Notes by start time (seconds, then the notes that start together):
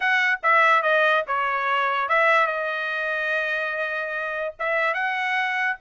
0.00 F#5
0.43 E5
0.82 D#5
1.27 C#5
2.08 E5
2.47 D#5
4.59 E5
4.94 F#5